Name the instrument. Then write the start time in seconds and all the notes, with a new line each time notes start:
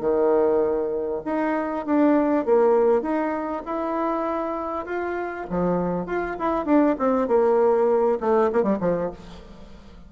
bassoon
0.00 D#3
1.25 D#4
1.86 D4
2.45 A#3
3.02 D#4
3.65 E4
4.85 F4
5.50 F3
6.06 F4
6.39 E4
6.65 D4
6.98 C4
7.28 A#3
8.20 A3
8.52 A#3
8.63 G3
8.80 F3